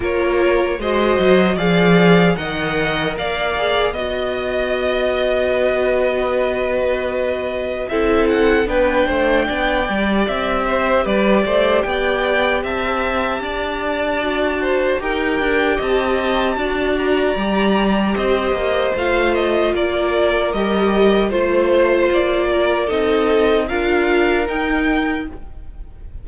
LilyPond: <<
  \new Staff \with { instrumentName = "violin" } { \time 4/4 \tempo 4 = 76 cis''4 dis''4 f''4 fis''4 | f''4 dis''2.~ | dis''2 e''8 fis''8 g''4~ | g''4 e''4 d''4 g''4 |
a''2. g''4 | a''4. ais''4. dis''4 | f''8 dis''8 d''4 dis''4 c''4 | d''4 dis''4 f''4 g''4 | }
  \new Staff \with { instrumentName = "violin" } { \time 4/4 ais'4 c''4 d''4 dis''4 | d''4 dis''2 b'4~ | b'2 a'4 b'8 c''8 | d''4. c''8 b'8 c''8 d''4 |
e''4 d''4. c''8 ais'4 | dis''4 d''2 c''4~ | c''4 ais'2 c''4~ | c''8 ais'8 a'4 ais'2 | }
  \new Staff \with { instrumentName = "viola" } { \time 4/4 f'4 fis'4 gis'4 ais'4~ | ais'8 gis'8 fis'2.~ | fis'2 e'4 d'4~ | d'8 g'2.~ g'8~ |
g'2 fis'4 g'4~ | g'4 fis'4 g'2 | f'2 g'4 f'4~ | f'4 dis'4 f'4 dis'4 | }
  \new Staff \with { instrumentName = "cello" } { \time 4/4 ais4 gis8 fis8 f4 dis4 | ais4 b2.~ | b2 c'4 b8 a8 | b8 g8 c'4 g8 a8 b4 |
c'4 d'2 dis'8 d'8 | c'4 d'4 g4 c'8 ais8 | a4 ais4 g4 a4 | ais4 c'4 d'4 dis'4 | }
>>